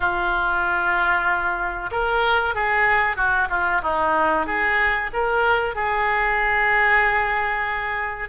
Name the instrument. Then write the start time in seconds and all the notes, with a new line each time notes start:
oboe
0.00 F4
1.91 A#4
2.54 G#4
3.16 F#4
3.49 F4
3.82 D#4
4.46 G#4
5.13 A#4
5.74 G#4